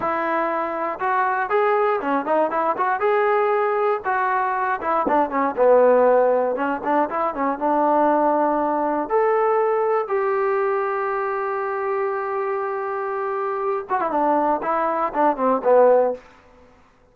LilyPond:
\new Staff \with { instrumentName = "trombone" } { \time 4/4 \tempo 4 = 119 e'2 fis'4 gis'4 | cis'8 dis'8 e'8 fis'8 gis'2 | fis'4. e'8 d'8 cis'8 b4~ | b4 cis'8 d'8 e'8 cis'8 d'4~ |
d'2 a'2 | g'1~ | g'2.~ g'8 fis'16 e'16 | d'4 e'4 d'8 c'8 b4 | }